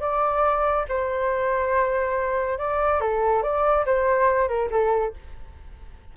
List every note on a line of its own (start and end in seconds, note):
0.00 0.85 D5
0.89 2.58 C5
2.58 3.00 D5
3.00 3.43 A4
3.43 3.85 D5
3.85 4.48 C5
4.48 4.69 A#4
4.71 5.13 A4